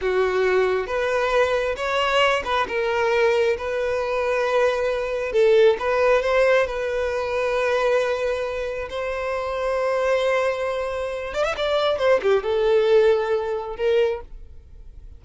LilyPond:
\new Staff \with { instrumentName = "violin" } { \time 4/4 \tempo 4 = 135 fis'2 b'2 | cis''4. b'8 ais'2 | b'1 | a'4 b'4 c''4 b'4~ |
b'1 | c''1~ | c''4. d''16 e''16 d''4 c''8 g'8 | a'2. ais'4 | }